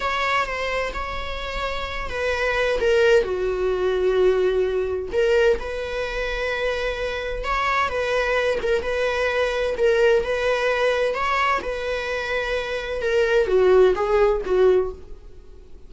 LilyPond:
\new Staff \with { instrumentName = "viola" } { \time 4/4 \tempo 4 = 129 cis''4 c''4 cis''2~ | cis''8 b'4. ais'4 fis'4~ | fis'2. ais'4 | b'1 |
cis''4 b'4. ais'8 b'4~ | b'4 ais'4 b'2 | cis''4 b'2. | ais'4 fis'4 gis'4 fis'4 | }